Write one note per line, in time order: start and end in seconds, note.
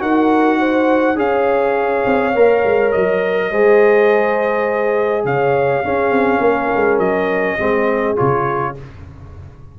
0.00 1.17 D#4
0.00 1.16 F#4
0.00 0.59 A#4
0.00 1.19 F#5
0.59 1.17 C5
1.16 2.04 C#4
1.16 2.33 G#4
1.16 3.50 C#5
1.16 2.92 F5
2.06 2.35 C4
2.35 2.64 A#3
2.35 3.53 A#4
2.65 2.94 G#3
2.92 3.51 F#3
2.92 5.25 D#5
3.50 5.25 G#3
3.50 5.85 G#4
3.50 5.25 C5
5.25 5.83 C#3
5.25 5.84 C#5
5.25 7.00 F5
5.84 6.11 C#4
5.84 7.59 C#4
5.84 6.41 G#4
6.11 6.40 C4
6.41 6.70 A#3
6.41 7.58 A#4
6.76 6.99 G#3
6.99 7.57 F#3
6.99 8.16 D#5
7.58 8.18 G#3
7.58 8.16 C4
7.58 8.75 G#4
8.16 8.79 C#3
8.16 8.75 F4
8.16 8.76 C#5